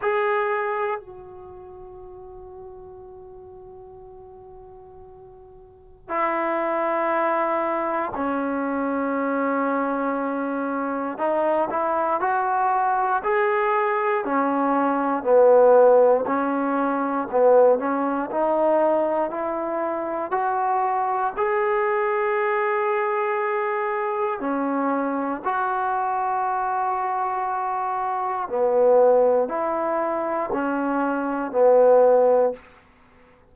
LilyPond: \new Staff \with { instrumentName = "trombone" } { \time 4/4 \tempo 4 = 59 gis'4 fis'2.~ | fis'2 e'2 | cis'2. dis'8 e'8 | fis'4 gis'4 cis'4 b4 |
cis'4 b8 cis'8 dis'4 e'4 | fis'4 gis'2. | cis'4 fis'2. | b4 e'4 cis'4 b4 | }